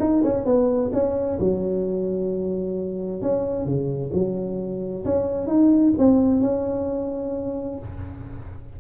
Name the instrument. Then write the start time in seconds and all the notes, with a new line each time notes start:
tuba
0.00 D#4
0.24 C#4
0.45 B3
0.93 C#4
1.39 F#3
3.22 C#4
3.65 C#3
4.13 F#3
5.05 C#4
5.47 D#4
5.98 C4
6.41 C#4